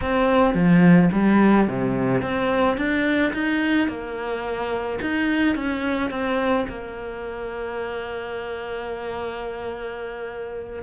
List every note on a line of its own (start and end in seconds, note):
0.01 0.54 C4
0.54 1.09 F3
1.12 1.67 G3
1.67 2.21 C3
2.21 2.77 C4
2.77 3.32 D4
3.33 3.88 D#4
3.88 4.99 A#3
5.01 5.55 D#4
5.55 6.10 C#4
6.10 6.65 C4
6.68 10.82 A#3